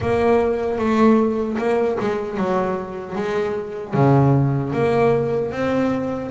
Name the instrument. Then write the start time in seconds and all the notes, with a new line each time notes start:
double bass
0.00 A#3
0.78 A3
1.58 A#3
2.00 G#3
2.37 F#3
3.15 G#3
3.94 C#3
4.73 A#3
5.51 C4